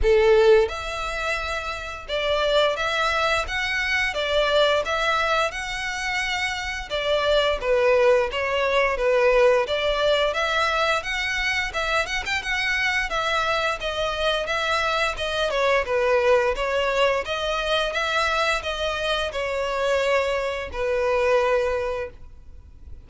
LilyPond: \new Staff \with { instrumentName = "violin" } { \time 4/4 \tempo 4 = 87 a'4 e''2 d''4 | e''4 fis''4 d''4 e''4 | fis''2 d''4 b'4 | cis''4 b'4 d''4 e''4 |
fis''4 e''8 fis''16 g''16 fis''4 e''4 | dis''4 e''4 dis''8 cis''8 b'4 | cis''4 dis''4 e''4 dis''4 | cis''2 b'2 | }